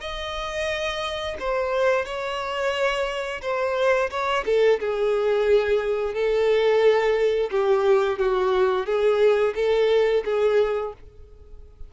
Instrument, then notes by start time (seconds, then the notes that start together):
violin
0.00 D#5
1.39 C5
2.05 C#5
3.42 C5
4.10 C#5
4.45 A4
4.79 G#4
6.13 A4
7.50 G4
8.18 F#4
8.85 G#4
9.55 A4
10.25 G#4